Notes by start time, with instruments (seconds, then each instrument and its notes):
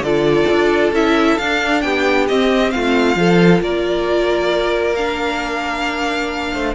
0.00 cello D3, viola F4, violin A4 D5
0.51 cello D4
0.92 cello C#4, viola E4, violin E5
1.38 cello D4, viola D4, violin F5
1.81 cello B3, violin G4 G5
2.28 cello C4, viola C4, violin D#5
2.71 cello A3, violin F4 F5
3.16 cello F3, viola F4, violin A4
3.61 cello A#3, violin A#4 D5
4.95 viola D4, violin F5
6.53 cello A3, violin C5